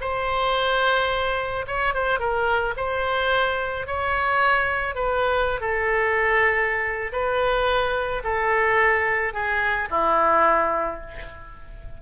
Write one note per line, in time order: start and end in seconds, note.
0.00 1.65 C5
1.67 1.94 C#5
1.94 2.19 C5
2.19 2.74 A#4
2.76 3.86 C5
3.86 4.94 C#5
4.94 5.60 B4
5.60 7.11 A4
7.12 8.22 B4
8.23 9.33 A4
9.33 9.88 G#4
9.90 11.00 E4